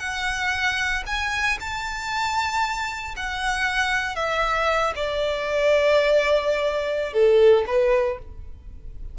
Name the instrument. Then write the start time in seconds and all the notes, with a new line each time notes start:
violin
0.00 F#5
1.07 G#5
1.60 A5
3.17 F#5
4.16 E5
4.96 D5
7.14 A4
7.67 B4